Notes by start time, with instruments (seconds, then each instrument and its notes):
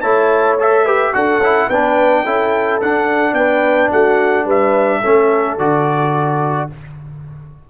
0.00 tuba A3, trombone E4, horn C#5, trumpet A5
0.59 trombone A4, trumpet E5
0.84 trombone G4, horn B4
1.13 tuba D4, trombone F#4, horn A4, trumpet F#5
1.38 tuba C#4, trombone E4
1.69 tuba B3, trombone D4, horn B4, trumpet G5
2.23 tuba C#4, trombone E4, horn A4
2.80 trombone D4, tuba D4, trumpet F#5
3.33 tuba B3, horn B4, trumpet G5
3.91 tuba A3, horn F#4, trumpet F#5
4.45 tuba G3, horn B4, trumpet E5
5.00 tuba A3, trombone C#4, horn A4
5.58 tuba D3, trombone F#4, trumpet D5